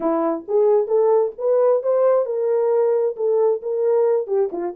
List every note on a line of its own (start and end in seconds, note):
0.00 0.45 E4
0.48 0.87 G#4
0.87 1.32 A4
1.38 1.83 B4
1.83 2.25 C5
2.25 3.15 A#4
3.16 3.61 A4
3.62 4.27 A#4
4.27 4.49 G4
4.52 4.74 F4